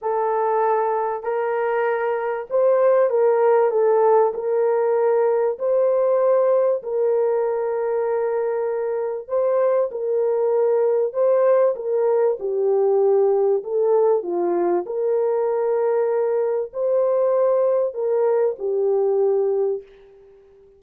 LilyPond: \new Staff \with { instrumentName = "horn" } { \time 4/4 \tempo 4 = 97 a'2 ais'2 | c''4 ais'4 a'4 ais'4~ | ais'4 c''2 ais'4~ | ais'2. c''4 |
ais'2 c''4 ais'4 | g'2 a'4 f'4 | ais'2. c''4~ | c''4 ais'4 g'2 | }